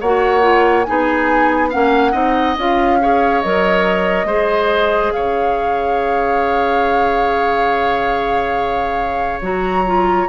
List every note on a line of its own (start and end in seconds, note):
0.00 0.87 A#3
0.00 0.41 F#4
0.00 0.86 C#5
0.00 0.84 F#5
0.41 0.84 F4
0.84 1.74 B3
0.84 1.71 D#4
0.84 1.69 G#4
0.84 1.69 G#5
1.69 2.13 A#3
1.69 2.12 C#4
1.69 2.12 F5
1.69 2.57 F#5
2.12 2.56 C4
2.12 2.55 D#4
2.12 2.97 D#5
2.57 3.43 C#4
2.57 3.01 F4
2.57 3.41 F5
3.01 3.43 G#4
3.01 4.26 C#5
3.41 4.24 F#3
3.41 4.27 A#4
3.41 5.12 D#5
4.24 5.10 G#3
4.24 9.41 G#4
4.24 5.12 C5
5.12 9.41 C#3
5.12 10.28 C#5
5.12 9.41 F5
9.41 10.27 F#3
9.41 9.85 F#4
9.41 10.28 A#5
9.86 10.28 F4